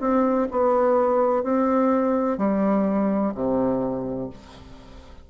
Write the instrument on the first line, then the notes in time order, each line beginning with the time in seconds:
bassoon
0.00 C4
0.50 B3
1.43 C4
2.38 G3
3.34 C3